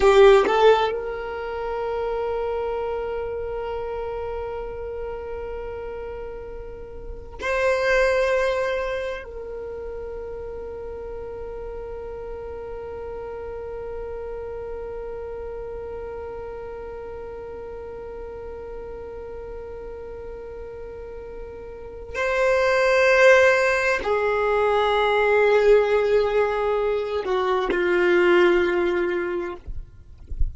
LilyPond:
\new Staff \with { instrumentName = "violin" } { \time 4/4 \tempo 4 = 65 g'8 a'8 ais'2.~ | ais'1 | c''2 ais'2~ | ais'1~ |
ais'1~ | ais'1 | c''2 gis'2~ | gis'4. fis'8 f'2 | }